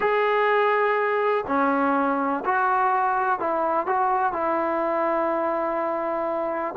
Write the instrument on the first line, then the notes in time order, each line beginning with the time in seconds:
trombone
0.00 G#4
1.47 C#4
2.45 F#4
3.39 E4
3.86 F#4
4.33 E4